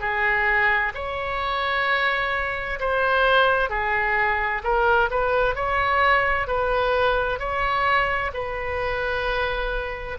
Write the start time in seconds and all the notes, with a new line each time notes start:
0.00 G#4
0.94 C#5
2.79 C5
3.70 G#4
4.63 A#4
5.10 B4
5.55 C#5
6.47 B4
7.39 C#5
8.33 B4